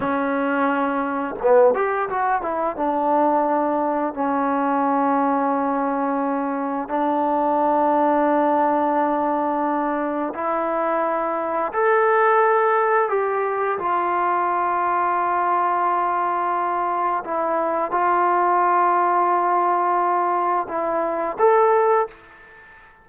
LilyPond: \new Staff \with { instrumentName = "trombone" } { \time 4/4 \tempo 4 = 87 cis'2 b8 g'8 fis'8 e'8 | d'2 cis'2~ | cis'2 d'2~ | d'2. e'4~ |
e'4 a'2 g'4 | f'1~ | f'4 e'4 f'2~ | f'2 e'4 a'4 | }